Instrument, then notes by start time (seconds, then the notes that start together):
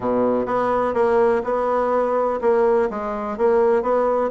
bassoon
0.00 B2
0.46 B3
0.94 A#3
1.44 B3
2.41 A#3
2.90 G#3
3.37 A#3
3.82 B3